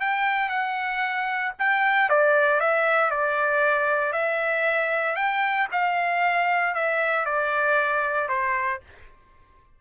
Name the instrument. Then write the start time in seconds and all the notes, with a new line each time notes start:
trumpet
0.00 G5
0.49 F#5
1.58 G5
2.09 D5
2.60 E5
3.10 D5
4.12 E5
5.16 G5
5.71 F5
6.74 E5
7.25 D5
8.29 C5